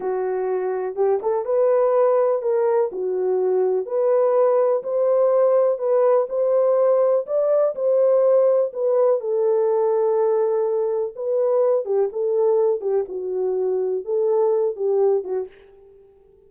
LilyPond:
\new Staff \with { instrumentName = "horn" } { \time 4/4 \tempo 4 = 124 fis'2 g'8 a'8 b'4~ | b'4 ais'4 fis'2 | b'2 c''2 | b'4 c''2 d''4 |
c''2 b'4 a'4~ | a'2. b'4~ | b'8 g'8 a'4. g'8 fis'4~ | fis'4 a'4. g'4 fis'8 | }